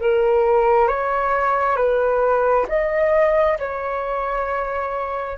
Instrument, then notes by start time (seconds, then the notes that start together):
flute
0.00 A#4
0.88 C#5
1.76 B4
2.68 D#5
3.59 C#5